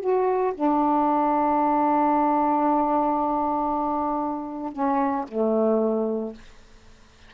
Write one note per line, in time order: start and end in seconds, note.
0.00 0.53 F#4
0.54 4.72 D4
4.72 5.25 C#4
5.28 6.33 A3